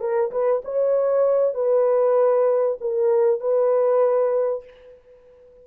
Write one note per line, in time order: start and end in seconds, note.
0.00 0.31 A#4
0.31 0.62 B4
0.64 1.54 C#5
1.54 2.78 B4
2.81 3.40 A#4
3.40 4.64 B4